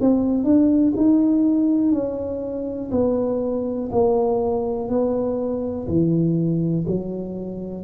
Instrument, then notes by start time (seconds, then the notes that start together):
tuba
0.00 C4
0.44 D4
0.96 D#4
1.92 C#4
2.91 B3
3.91 A#3
4.89 B3
5.87 E3
6.87 F#3